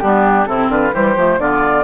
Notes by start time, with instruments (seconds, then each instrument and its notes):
0.00 bassoon G3, clarinet B3, oboe D4, flute G4
0.46 bassoon C3, clarinet C4, oboe E4, flute A4
0.69 bassoon D3, oboe F4, flute B4
0.93 bassoon E3, clarinet G3, oboe G4, flute C5
1.16 bassoon F3, clarinet A3
1.38 bassoon D3, clarinet B3, oboe F4, flute D5